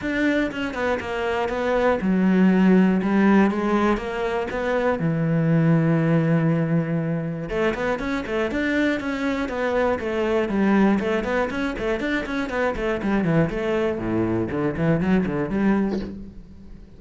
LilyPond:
\new Staff \with { instrumentName = "cello" } { \time 4/4 \tempo 4 = 120 d'4 cis'8 b8 ais4 b4 | fis2 g4 gis4 | ais4 b4 e2~ | e2. a8 b8 |
cis'8 a8 d'4 cis'4 b4 | a4 g4 a8 b8 cis'8 a8 | d'8 cis'8 b8 a8 g8 e8 a4 | a,4 d8 e8 fis8 d8 g4 | }